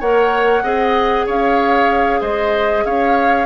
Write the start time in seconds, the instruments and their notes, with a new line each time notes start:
0.00 bassoon A#3, clarinet A#4, oboe C#5, flute F#5
0.63 bassoon C4, clarinet G#4, oboe D#5
1.26 bassoon C#4, oboe C#5, flute F5
2.20 bassoon G#3, oboe C5, flute D#5
2.85 bassoon C#4, oboe C#5, flute F5